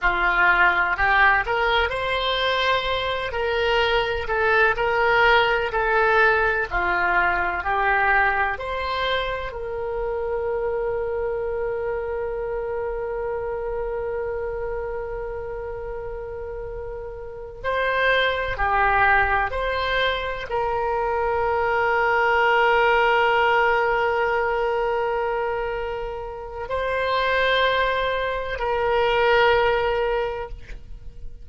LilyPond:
\new Staff \with { instrumentName = "oboe" } { \time 4/4 \tempo 4 = 63 f'4 g'8 ais'8 c''4. ais'8~ | ais'8 a'8 ais'4 a'4 f'4 | g'4 c''4 ais'2~ | ais'1~ |
ais'2~ ais'8 c''4 g'8~ | g'8 c''4 ais'2~ ais'8~ | ais'1 | c''2 ais'2 | }